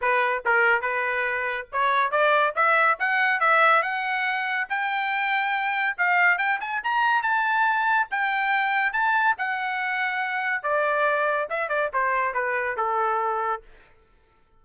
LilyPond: \new Staff \with { instrumentName = "trumpet" } { \time 4/4 \tempo 4 = 141 b'4 ais'4 b'2 | cis''4 d''4 e''4 fis''4 | e''4 fis''2 g''4~ | g''2 f''4 g''8 gis''8 |
ais''4 a''2 g''4~ | g''4 a''4 fis''2~ | fis''4 d''2 e''8 d''8 | c''4 b'4 a'2 | }